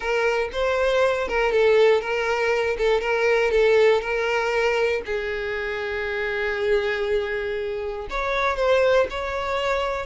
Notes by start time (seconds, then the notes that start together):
0.00 A#4
0.52 C5
1.28 A#4
1.51 A4
2.01 A#4
2.77 A4
3.00 A#4
3.51 A4
4.01 A#4
5.05 G#4
8.10 C#5
8.56 C5
9.10 C#5